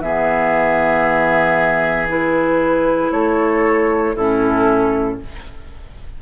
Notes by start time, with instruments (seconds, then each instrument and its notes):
0.00 bassoon E3, clarinet B3, oboe G#4, flute E5
2.07 clarinet E4, flute B4
3.11 bassoon A3, oboe A4, flute C#5
4.15 bassoon A2, clarinet C#4, oboe E4, flute A4